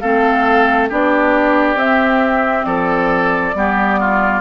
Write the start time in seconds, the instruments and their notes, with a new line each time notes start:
0.00 bassoon A3, clarinet C4, oboe A4, flute F5
0.89 bassoon B3, clarinet D4, oboe G4, flute D5
1.75 bassoon C4, clarinet C4, flute E5
2.65 bassoon F3, oboe A4, flute D5
3.54 bassoon G3, clarinet B3, oboe G4
4.00 oboe F4